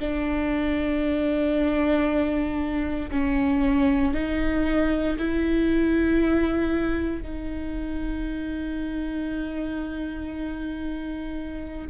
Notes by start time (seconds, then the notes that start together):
0.00 D4
3.11 C#4
4.14 D#4
5.19 E4
7.22 D#4